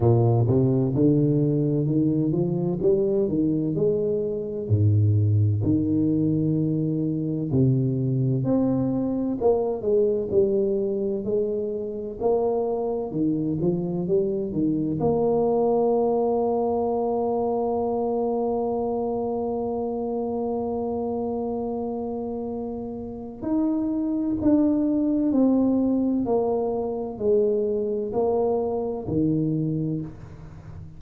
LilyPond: \new Staff \with { instrumentName = "tuba" } { \time 4/4 \tempo 4 = 64 ais,8 c8 d4 dis8 f8 g8 dis8 | gis4 gis,4 dis2 | c4 c'4 ais8 gis8 g4 | gis4 ais4 dis8 f8 g8 dis8 |
ais1~ | ais1~ | ais4 dis'4 d'4 c'4 | ais4 gis4 ais4 dis4 | }